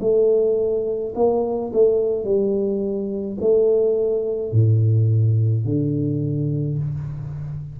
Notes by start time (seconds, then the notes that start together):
0.00 A3
1.15 A#3
1.72 A3
2.24 G3
3.41 A3
4.52 A2
5.64 D3